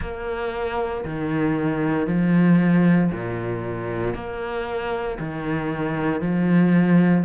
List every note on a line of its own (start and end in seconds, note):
0.00 1.04 A#3
1.04 2.07 D#3
2.07 3.10 F3
3.11 4.14 A#2
4.14 5.17 A#3
5.19 6.20 D#3
6.20 7.24 F3